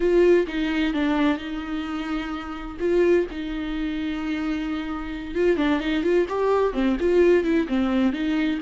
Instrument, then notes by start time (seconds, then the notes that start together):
viola
0.00 F4
0.47 D#4
0.93 D4
1.37 D#4
2.79 F4
3.30 D#4
5.35 F4
5.56 D4
5.80 D#4
6.03 F4
6.29 G4
6.73 C4
7.00 F4
7.43 E4
7.67 C4
8.12 D#4